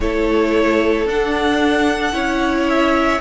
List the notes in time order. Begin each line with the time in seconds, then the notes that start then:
0.00 A3 E4 A4 C#5
1.05 D4 F#5
2.12 C#4 E4 C#5
2.69 E5